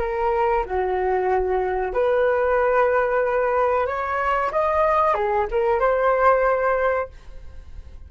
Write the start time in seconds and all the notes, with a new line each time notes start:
0.00 A#4
0.66 F#4
1.94 B4
3.87 C#5
4.52 D#5
5.15 G#4
5.52 A#4
5.80 C5